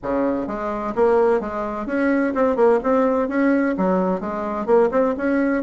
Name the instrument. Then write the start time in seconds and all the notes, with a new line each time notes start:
bassoon
0.02 C#3
0.47 G#3
0.95 A#3
1.40 G#3
1.86 C#4
2.34 C4
2.56 A#3
2.83 C4
3.28 C#4
3.77 F#3
4.20 G#3
4.66 A#3
4.91 C4
5.17 C#4